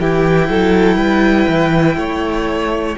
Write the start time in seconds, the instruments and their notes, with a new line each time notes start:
0.00 cello E3, viola E4, violin G4 G5
0.49 cello F#3, violin A4
0.96 cello G3, violin B4
1.48 cello E3
1.96 cello A3, violin C#5